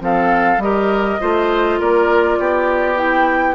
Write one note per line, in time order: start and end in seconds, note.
0.00 0.58 F3
0.00 0.59 C4
0.00 0.63 A4
0.00 0.62 F5
0.58 1.18 G3
0.58 1.20 G4
0.58 1.21 A#4
0.58 1.80 D#5
1.20 1.80 A3
1.20 2.96 F4
1.20 1.80 C5
1.80 2.39 A#3
1.80 2.39 A#4
1.80 2.98 D5
2.39 3.55 B3
2.39 3.55 G4
2.96 3.55 E4
2.96 3.55 G5